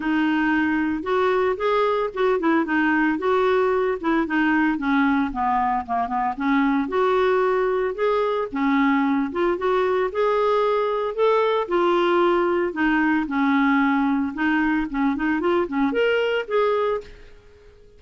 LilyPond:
\new Staff \with { instrumentName = "clarinet" } { \time 4/4 \tempo 4 = 113 dis'2 fis'4 gis'4 | fis'8 e'8 dis'4 fis'4. e'8 | dis'4 cis'4 b4 ais8 b8 | cis'4 fis'2 gis'4 |
cis'4. f'8 fis'4 gis'4~ | gis'4 a'4 f'2 | dis'4 cis'2 dis'4 | cis'8 dis'8 f'8 cis'8 ais'4 gis'4 | }